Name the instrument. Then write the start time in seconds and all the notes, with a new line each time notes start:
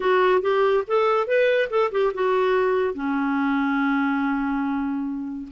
clarinet
0.00 F#4
0.41 G4
0.87 A4
1.27 B4
1.70 A4
1.91 G4
2.13 F#4
2.94 C#4